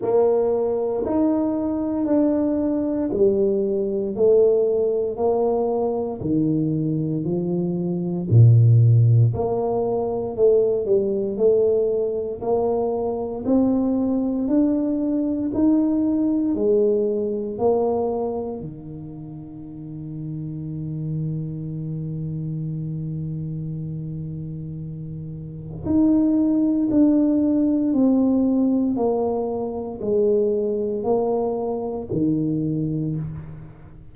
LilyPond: \new Staff \with { instrumentName = "tuba" } { \time 4/4 \tempo 4 = 58 ais4 dis'4 d'4 g4 | a4 ais4 dis4 f4 | ais,4 ais4 a8 g8 a4 | ais4 c'4 d'4 dis'4 |
gis4 ais4 dis2~ | dis1~ | dis4 dis'4 d'4 c'4 | ais4 gis4 ais4 dis4 | }